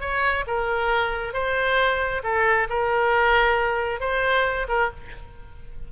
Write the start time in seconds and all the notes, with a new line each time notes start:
0.00 C#5
0.47 A#4
1.33 C5
2.23 A4
2.69 A#4
4.00 C5
4.68 A#4